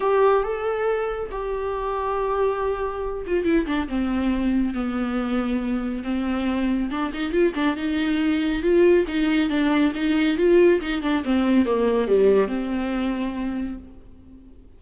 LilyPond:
\new Staff \with { instrumentName = "viola" } { \time 4/4 \tempo 4 = 139 g'4 a'2 g'4~ | g'2.~ g'8 f'8 | e'8 d'8 c'2 b4~ | b2 c'2 |
d'8 dis'8 f'8 d'8 dis'2 | f'4 dis'4 d'4 dis'4 | f'4 dis'8 d'8 c'4 ais4 | g4 c'2. | }